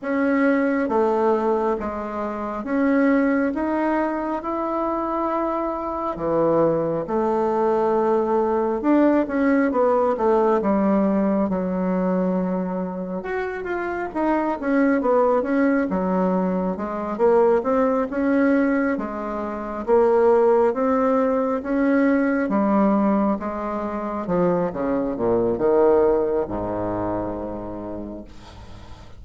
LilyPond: \new Staff \with { instrumentName = "bassoon" } { \time 4/4 \tempo 4 = 68 cis'4 a4 gis4 cis'4 | dis'4 e'2 e4 | a2 d'8 cis'8 b8 a8 | g4 fis2 fis'8 f'8 |
dis'8 cis'8 b8 cis'8 fis4 gis8 ais8 | c'8 cis'4 gis4 ais4 c'8~ | c'8 cis'4 g4 gis4 f8 | cis8 ais,8 dis4 gis,2 | }